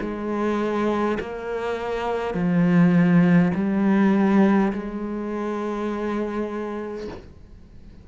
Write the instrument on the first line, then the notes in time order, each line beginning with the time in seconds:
cello
0.00 G#3
1.20 A#3
2.34 F3
3.55 G3
4.72 G#3